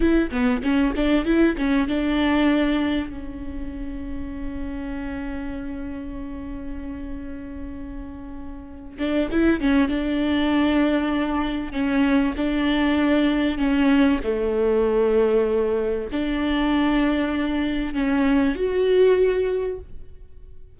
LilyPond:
\new Staff \with { instrumentName = "viola" } { \time 4/4 \tempo 4 = 97 e'8 b8 cis'8 d'8 e'8 cis'8 d'4~ | d'4 cis'2.~ | cis'1~ | cis'2~ cis'8 d'8 e'8 cis'8 |
d'2. cis'4 | d'2 cis'4 a4~ | a2 d'2~ | d'4 cis'4 fis'2 | }